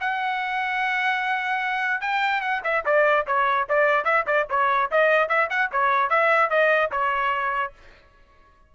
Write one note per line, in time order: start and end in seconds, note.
0.00 2.01 F#5
2.01 2.41 G5
2.41 2.61 F#5
2.64 2.84 E5
2.85 3.26 D5
3.27 3.67 C#5
3.69 4.04 D5
4.04 4.25 E5
4.27 4.47 D5
4.50 4.91 C#5
4.91 5.29 D#5
5.29 5.49 E5
5.50 5.70 F#5
5.72 6.10 C#5
6.10 6.50 E5
6.50 6.91 D#5
6.91 7.73 C#5